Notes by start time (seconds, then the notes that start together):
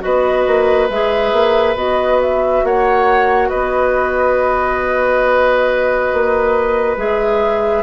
0.00 B3 F#4 B4 D#5
0.46 A#3
0.89 G#3 G#4 E5
1.32 A#3
1.74 B3 F#4 D#5
2.22 E5
2.63 A#3 C#5 F#5
3.48 B3 B4 D#5
6.13 A#3
6.96 G#3 G#4 E5